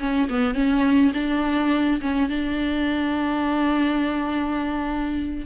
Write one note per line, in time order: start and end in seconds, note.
0.00 0.29 C#4
0.30 0.55 B3
0.55 1.12 C#4
1.14 2.01 D4
2.02 2.30 C#4
2.30 5.46 D4